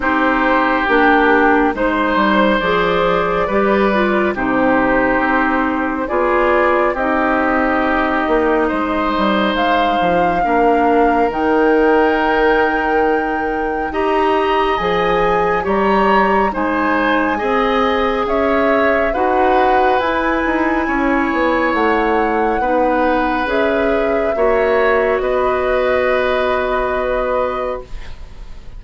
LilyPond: <<
  \new Staff \with { instrumentName = "flute" } { \time 4/4 \tempo 4 = 69 c''4 g'4 c''4 d''4~ | d''4 c''2 d''4 | dis''2. f''4~ | f''4 g''2. |
ais''4 gis''4 ais''4 gis''4~ | gis''4 e''4 fis''4 gis''4~ | gis''4 fis''2 e''4~ | e''4 dis''2. | }
  \new Staff \with { instrumentName = "oboe" } { \time 4/4 g'2 c''2 | b'4 g'2 gis'4 | g'2 c''2 | ais'1 |
dis''2 cis''4 c''4 | dis''4 cis''4 b'2 | cis''2 b'2 | cis''4 b'2. | }
  \new Staff \with { instrumentName = "clarinet" } { \time 4/4 dis'4 d'4 dis'4 gis'4 | g'8 f'8 dis'2 f'4 | dis'1 | d'4 dis'2. |
g'4 gis'4 g'4 dis'4 | gis'2 fis'4 e'4~ | e'2 dis'4 gis'4 | fis'1 | }
  \new Staff \with { instrumentName = "bassoon" } { \time 4/4 c'4 ais4 gis8 g8 f4 | g4 c4 c'4 b4 | c'4. ais8 gis8 g8 gis8 f8 | ais4 dis2. |
dis'4 f4 g4 gis4 | c'4 cis'4 dis'4 e'8 dis'8 | cis'8 b8 a4 b4 cis'4 | ais4 b2. | }
>>